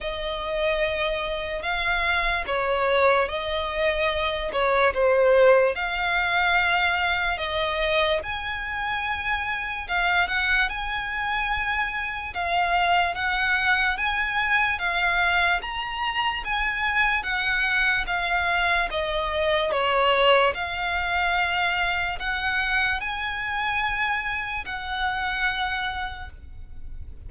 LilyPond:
\new Staff \with { instrumentName = "violin" } { \time 4/4 \tempo 4 = 73 dis''2 f''4 cis''4 | dis''4. cis''8 c''4 f''4~ | f''4 dis''4 gis''2 | f''8 fis''8 gis''2 f''4 |
fis''4 gis''4 f''4 ais''4 | gis''4 fis''4 f''4 dis''4 | cis''4 f''2 fis''4 | gis''2 fis''2 | }